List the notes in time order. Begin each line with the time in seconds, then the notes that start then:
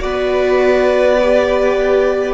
0.00 B3 F#4 B4 D5
1.22 G4